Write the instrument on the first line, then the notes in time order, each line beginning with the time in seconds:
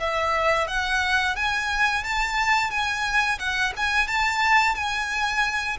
violin
0.00 E5
0.68 F#5
1.36 G#5
2.04 A5
2.71 G#5
3.39 F#5
3.77 G#5
4.08 A5
4.75 G#5